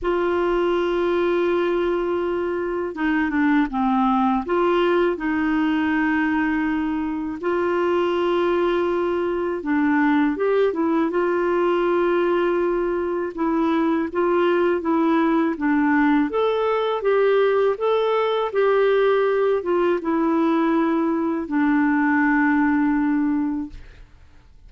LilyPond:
\new Staff \with { instrumentName = "clarinet" } { \time 4/4 \tempo 4 = 81 f'1 | dis'8 d'8 c'4 f'4 dis'4~ | dis'2 f'2~ | f'4 d'4 g'8 e'8 f'4~ |
f'2 e'4 f'4 | e'4 d'4 a'4 g'4 | a'4 g'4. f'8 e'4~ | e'4 d'2. | }